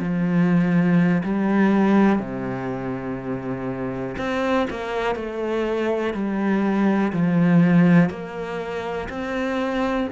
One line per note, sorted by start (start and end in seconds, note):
0.00 1.23 F3
1.24 2.20 G3
2.20 4.16 C3
4.18 4.68 C4
4.71 5.16 A#3
5.16 6.14 A3
6.14 7.13 G3
7.13 8.11 F3
8.11 9.09 A#3
9.10 10.08 C4